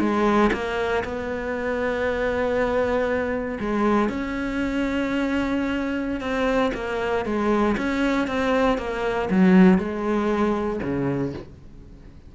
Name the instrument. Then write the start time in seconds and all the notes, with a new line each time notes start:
cello
0.00 G#3
0.53 A#3
1.04 B3
3.60 G#3
4.09 C#4
6.21 C4
6.75 A#3
7.25 G#3
7.78 C#4
8.28 C4
8.78 A#3
9.31 F#3
9.79 G#3
10.83 C#3